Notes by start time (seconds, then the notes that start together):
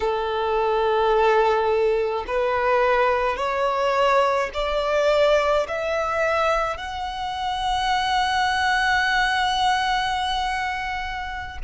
0.00 A4
2.26 B4
3.37 C#5
4.53 D5
5.68 E5
6.77 F#5